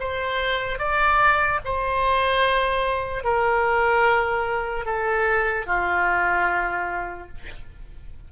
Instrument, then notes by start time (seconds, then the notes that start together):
oboe
0.00 C5
0.79 D5
1.65 C5
3.24 A#4
4.85 A4
5.66 F4